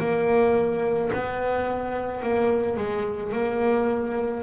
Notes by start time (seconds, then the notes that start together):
0.00 A#3
1.13 B3
2.23 A#3
2.77 G#3
3.32 A#3